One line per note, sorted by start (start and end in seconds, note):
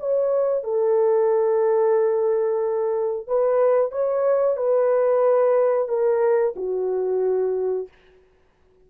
0.00 0.64 C#5
0.64 3.28 A4
3.28 3.92 B4
3.92 4.57 C#5
4.57 5.89 B4
5.89 6.55 A#4
6.57 7.89 F#4